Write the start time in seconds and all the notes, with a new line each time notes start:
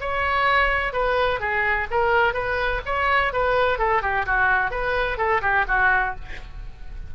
0.00 C#5
0.93 B4
1.40 G#4
1.90 A#4
2.34 B4
2.85 C#5
3.32 B4
3.78 A4
4.02 G4
4.26 F#4
4.71 B4
5.17 A4
5.41 G4
5.68 F#4